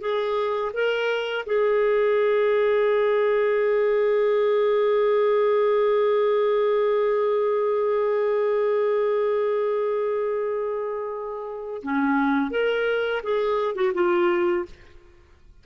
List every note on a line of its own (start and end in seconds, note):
0.00 0.71 G#4
0.73 1.45 A#4
1.46 11.81 G#4
11.82 12.50 C#4
12.50 13.22 A#4
13.23 13.75 G#4
13.75 13.93 F#4
13.94 14.65 F4